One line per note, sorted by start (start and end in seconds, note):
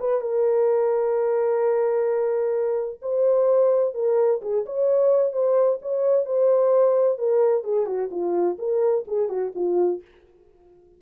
0.00 0.21 B4
0.21 3.00 A#4
3.02 3.95 C5
3.95 4.41 A#4
4.42 4.65 G#4
4.66 5.33 C#5
5.33 5.79 C5
5.82 6.26 C#5
6.26 7.18 C5
7.18 7.64 A#4
7.64 7.86 G#4
7.86 8.10 F#4
8.11 8.58 F4
8.59 9.05 A#4
9.07 9.29 G#4
9.29 9.52 F#4
9.55 10.02 F4